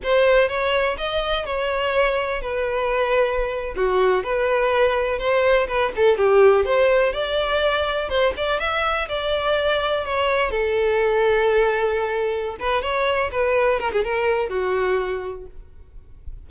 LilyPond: \new Staff \with { instrumentName = "violin" } { \time 4/4 \tempo 4 = 124 c''4 cis''4 dis''4 cis''4~ | cis''4 b'2~ b'8. fis'16~ | fis'8. b'2 c''4 b'16~ | b'16 a'8 g'4 c''4 d''4~ d''16~ |
d''8. c''8 d''8 e''4 d''4~ d''16~ | d''8. cis''4 a'2~ a'16~ | a'2 b'8 cis''4 b'8~ | b'8 ais'16 gis'16 ais'4 fis'2 | }